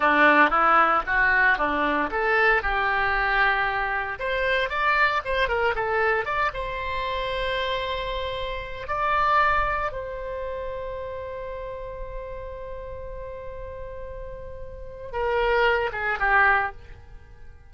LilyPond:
\new Staff \with { instrumentName = "oboe" } { \time 4/4 \tempo 4 = 115 d'4 e'4 fis'4 d'4 | a'4 g'2. | c''4 d''4 c''8 ais'8 a'4 | d''8 c''2.~ c''8~ |
c''4 d''2 c''4~ | c''1~ | c''1~ | c''4 ais'4. gis'8 g'4 | }